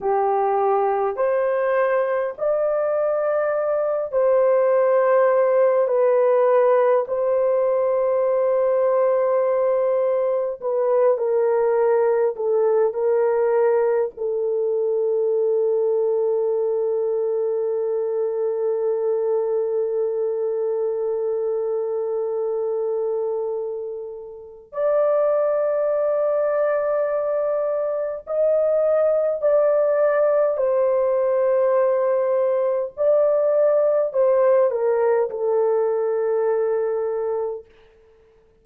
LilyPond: \new Staff \with { instrumentName = "horn" } { \time 4/4 \tempo 4 = 51 g'4 c''4 d''4. c''8~ | c''4 b'4 c''2~ | c''4 b'8 ais'4 a'8 ais'4 | a'1~ |
a'1~ | a'4 d''2. | dis''4 d''4 c''2 | d''4 c''8 ais'8 a'2 | }